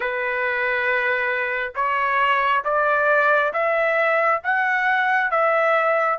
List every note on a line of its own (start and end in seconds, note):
0.00 1.72 B4
1.75 2.63 C#5
2.64 3.52 D5
3.53 4.41 E5
4.43 5.31 F#5
5.31 6.18 E5